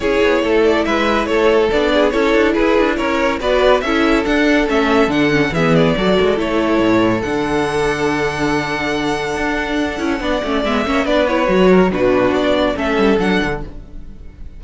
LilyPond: <<
  \new Staff \with { instrumentName = "violin" } { \time 4/4 \tempo 4 = 141 cis''4. d''8 e''4 cis''4 | d''4 cis''4 b'4 cis''4 | d''4 e''4 fis''4 e''4 | fis''4 e''8 d''4. cis''4~ |
cis''4 fis''2.~ | fis''1~ | fis''4 e''4 d''8 cis''4. | b'4 d''4 e''4 fis''4 | }
  \new Staff \with { instrumentName = "violin" } { \time 4/4 gis'4 a'4 b'4 a'4~ | a'8 gis'8 a'4 gis'4 ais'4 | b'4 a'2.~ | a'4 gis'4 a'2~ |
a'1~ | a'1 | d''4. cis''8 b'4. ais'8 | fis'2 a'2 | }
  \new Staff \with { instrumentName = "viola" } { \time 4/4 e'1 | d'4 e'2. | fis'4 e'4 d'4 cis'4 | d'8 cis'8 b4 fis'4 e'4~ |
e'4 d'2.~ | d'2.~ d'8 e'8 | d'8 cis'8 b8 cis'8 d'8 e'8 fis'4 | d'2 cis'4 d'4 | }
  \new Staff \with { instrumentName = "cello" } { \time 4/4 cis'8 b8 a4 gis4 a4 | b4 cis'8 d'8 e'8 d'8 cis'4 | b4 cis'4 d'4 a4 | d4 e4 fis8 gis8 a4 |
a,4 d2.~ | d2 d'4. cis'8 | b8 a8 gis8 ais8 b4 fis4 | b,4 b4 a8 g8 fis8 d8 | }
>>